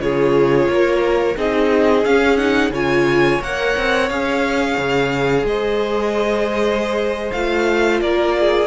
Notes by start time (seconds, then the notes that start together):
0.00 C#3 F4 G#4 C#5
0.68 A#3 A#4
1.37 C4 D#4 G#4 D#5
2.05 C#4 F5
2.37 D#4 F#5
2.70 C#3 F4 C#5 G#5
3.41 A#3 A#4 F#5
3.77 C4
4.09 C#4 G#4 F5
4.78 C#3
5.44 G#3 C5 D#5
7.32 A3 F4 F5
8.01 A#3 A#4 D5
8.39 G#4